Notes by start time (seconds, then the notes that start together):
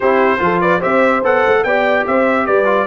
0.00 C4 E4 G4 C5
0.39 F3 F4 A4
0.60 B4 D5
0.79 C4 G4 C5 E5
1.22 B3 A4 F#5
1.46 A3
1.63 B3 G4 D5 G5
2.06 C4 C5 E5
2.46 G3 B4 D5
2.64 F4